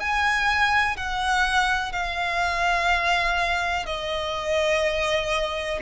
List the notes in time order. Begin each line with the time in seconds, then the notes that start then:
0.00 G#5
0.97 F#5
1.93 F5
3.86 D#5